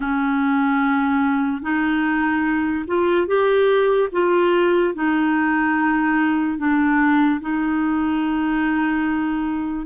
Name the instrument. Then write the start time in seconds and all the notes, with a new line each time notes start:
clarinet
0.00 C#4
1.62 D#4
2.87 F4
3.27 G4
4.12 F4
4.94 D#4
6.58 D4
7.40 D#4